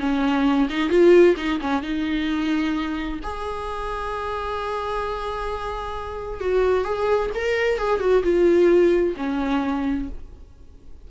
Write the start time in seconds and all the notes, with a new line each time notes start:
0.00 C#4
0.70 D#4
0.90 F4
1.37 D#4
1.61 C#4
1.83 D#4
3.24 G#4
6.41 F#4
6.85 G#4
7.35 A#4
7.78 G#4
8.00 F#4
8.23 F4
9.17 C#4